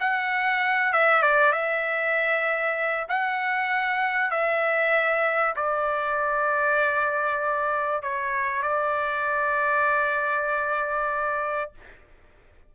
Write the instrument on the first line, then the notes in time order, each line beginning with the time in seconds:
trumpet
0.00 F#5
0.93 E5
1.22 D5
1.52 E5
3.09 F#5
4.30 E5
5.56 D5
8.02 C#5
8.62 D5